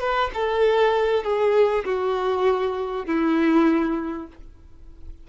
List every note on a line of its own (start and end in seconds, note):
0.00 0.30 B4
0.34 1.23 A4
1.23 1.84 G#4
1.84 3.06 F#4
3.06 4.27 E4